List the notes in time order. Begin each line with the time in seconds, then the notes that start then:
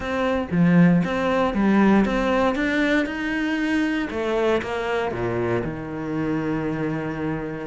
0.00 C4
0.51 F3
1.04 C4
1.54 G3
2.05 C4
2.55 D4
3.06 D#4
4.10 A3
4.62 A#3
5.11 A#2
5.64 D#3